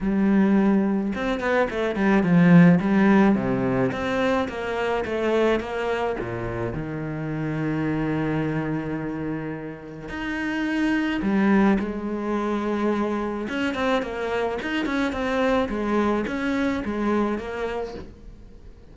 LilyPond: \new Staff \with { instrumentName = "cello" } { \time 4/4 \tempo 4 = 107 g2 c'8 b8 a8 g8 | f4 g4 c4 c'4 | ais4 a4 ais4 ais,4 | dis1~ |
dis2 dis'2 | g4 gis2. | cis'8 c'8 ais4 dis'8 cis'8 c'4 | gis4 cis'4 gis4 ais4 | }